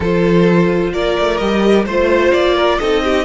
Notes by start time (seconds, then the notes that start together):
0.00 F3 F4 A4 C5
0.93 A#3 A#4 D5
1.19 A3
1.37 G3 G4 D#5
1.85 A3 F4 C5
2.32 A#3 D5
2.54 A#4
2.79 C4 D#4 A4 D#5
3.03 G4